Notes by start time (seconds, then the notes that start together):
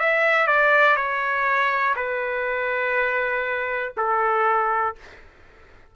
0.00 E5
0.47 D5
0.97 C#5
1.96 B4
3.97 A4